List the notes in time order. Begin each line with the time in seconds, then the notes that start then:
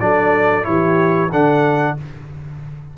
0.00 F#3 D4 A4 D5
0.63 E3 E4 G4 C#5
1.31 D3 D4 A4 F#5